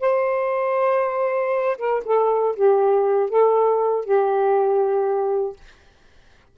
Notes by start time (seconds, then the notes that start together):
0.00 C5
1.77 A#4
2.04 A4
2.55 G4
3.30 A4
4.05 G4